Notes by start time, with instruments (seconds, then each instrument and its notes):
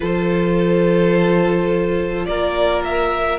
0.00 cello F3, viola F4, violin A4 C5
2.25 cello A#3, violin A#4 D5
2.84 violin E5